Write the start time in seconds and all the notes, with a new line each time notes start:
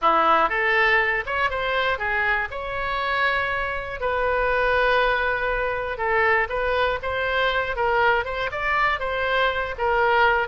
0.01 E4
0.49 A4
1.26 C#5
1.50 C5
1.98 G#4
2.50 C#5
4.00 B4
5.97 A4
6.49 B4
7.02 C5
7.75 A#4
8.25 C5
8.51 D5
8.99 C5
9.78 A#4